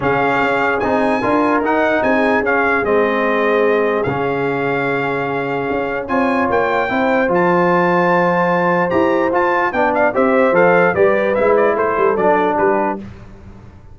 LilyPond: <<
  \new Staff \with { instrumentName = "trumpet" } { \time 4/4 \tempo 4 = 148 f''2 gis''2 | fis''4 gis''4 f''4 dis''4~ | dis''2 f''2~ | f''2. gis''4 |
g''2 a''2~ | a''2 ais''4 a''4 | g''8 f''8 e''4 f''4 d''4 | e''8 d''8 c''4 d''4 b'4 | }
  \new Staff \with { instrumentName = "horn" } { \time 4/4 gis'2. ais'4~ | ais'4 gis'2.~ | gis'1~ | gis'2. cis''4~ |
cis''4 c''2.~ | c''1 | d''4 c''2 b'4~ | b'4 a'2 g'4 | }
  \new Staff \with { instrumentName = "trombone" } { \time 4/4 cis'2 dis'4 f'4 | dis'2 cis'4 c'4~ | c'2 cis'2~ | cis'2. f'4~ |
f'4 e'4 f'2~ | f'2 g'4 f'4 | d'4 g'4 a'4 g'4 | e'2 d'2 | }
  \new Staff \with { instrumentName = "tuba" } { \time 4/4 cis4 cis'4 c'4 d'4 | dis'4 c'4 cis'4 gis4~ | gis2 cis2~ | cis2 cis'4 c'4 |
ais4 c'4 f2~ | f2 e'4 f'4 | b4 c'4 f4 g4 | gis4 a8 g8 fis4 g4 | }
>>